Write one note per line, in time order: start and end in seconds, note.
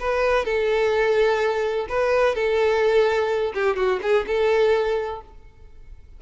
0.00 0.46 B4
0.46 1.87 A4
1.89 2.35 B4
2.35 3.53 A4
3.55 3.76 G4
3.76 4.00 F#4
4.03 4.26 G#4
4.27 5.22 A4